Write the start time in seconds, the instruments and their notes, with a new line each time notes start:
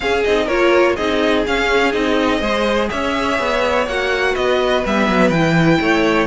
0.00 viola C#4, cello C#4, violin G#4 F5
0.24 cello C4, viola D#4, violin D#5
0.44 cello A#3, viola F4, violin A#4 C#5
0.96 cello C4, viola D#4, violin G#4 D#5
1.46 viola C#4, cello C#4, violin F5
1.91 cello C4, viola D#4, violin D#5
2.40 cello G#3, viola G#4, violin C5
2.89 cello C#4, violin C#5 E5
3.39 cello B3
3.86 cello A#3, viola F#4, violin F#5
4.33 cello B3, violin B4 D#5
4.85 cello G3, viola B3, violin E5
5.08 cello F#3
5.30 cello E3, viola E4, violin G5
5.80 cello A3, violin C#5